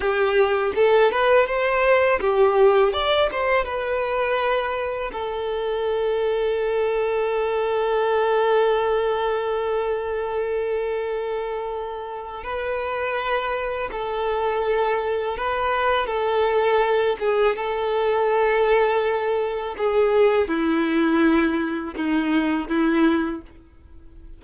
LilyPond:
\new Staff \with { instrumentName = "violin" } { \time 4/4 \tempo 4 = 82 g'4 a'8 b'8 c''4 g'4 | d''8 c''8 b'2 a'4~ | a'1~ | a'1~ |
a'4 b'2 a'4~ | a'4 b'4 a'4. gis'8 | a'2. gis'4 | e'2 dis'4 e'4 | }